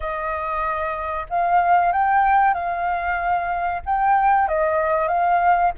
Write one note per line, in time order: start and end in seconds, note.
0.00 1.26 D#5
1.29 1.92 F5
1.92 2.54 G5
2.54 3.81 F5
3.85 4.48 G5
4.48 5.07 D#5
5.07 5.71 F5